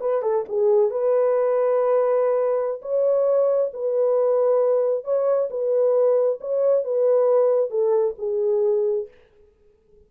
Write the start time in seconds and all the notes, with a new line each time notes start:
0.00 B4
0.22 A4
0.48 G#4
0.91 B4
2.82 C#5
3.73 B4
5.04 C#5
5.50 B4
6.41 C#5
6.84 B4
7.70 A4
8.18 G#4